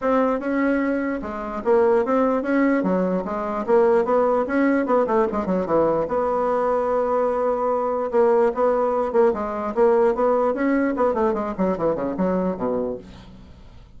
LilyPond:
\new Staff \with { instrumentName = "bassoon" } { \time 4/4 \tempo 4 = 148 c'4 cis'2 gis4 | ais4 c'4 cis'4 fis4 | gis4 ais4 b4 cis'4 | b8 a8 gis8 fis8 e4 b4~ |
b1 | ais4 b4. ais8 gis4 | ais4 b4 cis'4 b8 a8 | gis8 fis8 e8 cis8 fis4 b,4 | }